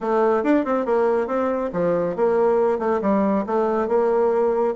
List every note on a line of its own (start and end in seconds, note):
0.01 0.43 A3
0.43 0.65 D4
0.65 0.85 C4
0.85 1.27 A#3
1.27 1.70 C4
1.73 2.15 F3
2.15 2.79 A#3
2.79 3.00 A3
3.01 3.44 G3
3.46 3.88 A3
3.88 4.74 A#3